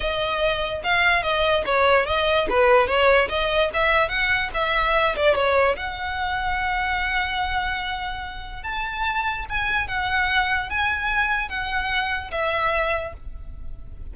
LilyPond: \new Staff \with { instrumentName = "violin" } { \time 4/4 \tempo 4 = 146 dis''2 f''4 dis''4 | cis''4 dis''4 b'4 cis''4 | dis''4 e''4 fis''4 e''4~ | e''8 d''8 cis''4 fis''2~ |
fis''1~ | fis''4 a''2 gis''4 | fis''2 gis''2 | fis''2 e''2 | }